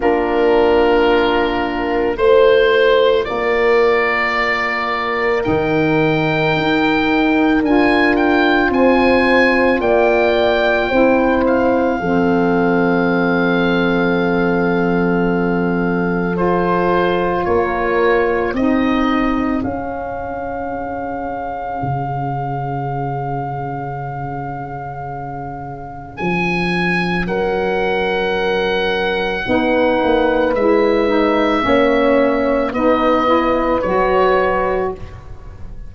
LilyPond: <<
  \new Staff \with { instrumentName = "oboe" } { \time 4/4 \tempo 4 = 55 ais'2 c''4 d''4~ | d''4 g''2 gis''8 g''8 | gis''4 g''4. f''4.~ | f''2. c''4 |
cis''4 dis''4 f''2~ | f''1 | gis''4 fis''2. | e''2 dis''4 cis''4 | }
  \new Staff \with { instrumentName = "horn" } { \time 4/4 f'2 c''4 ais'4~ | ais'1 | c''4 d''4 c''4 a'4~ | a'1 |
ais'4 gis'2.~ | gis'1~ | gis'4 ais'2 b'4~ | b'4 cis''4 b'2 | }
  \new Staff \with { instrumentName = "saxophone" } { \time 4/4 d'2 f'2~ | f'4 dis'2 f'4~ | f'2 e'4 c'4~ | c'2. f'4~ |
f'4 dis'4 cis'2~ | cis'1~ | cis'2. dis'4 | e'8 dis'8 cis'4 dis'8 e'8 fis'4 | }
  \new Staff \with { instrumentName = "tuba" } { \time 4/4 ais2 a4 ais4~ | ais4 dis4 dis'4 d'4 | c'4 ais4 c'4 f4~ | f1 |
ais4 c'4 cis'2 | cis1 | f4 fis2 b8 ais8 | gis4 ais4 b4 fis4 | }
>>